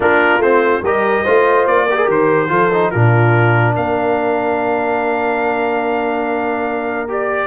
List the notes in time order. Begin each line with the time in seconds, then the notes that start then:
0.00 A#3 D4 F4 A#4
0.38 A3 C4 C5
0.82 G3 G4 A#4 D#5
1.23 A3 F4 C5
1.66 A#3 D5
1.86 G4 A#4
1.96 G#4
2.05 D#3 G4 C5
2.48 F3 F4 A4
2.72 D#4
2.90 A#2 D4 F4 A#4
3.74 A#3 A#4 F5
7.08 G4 D5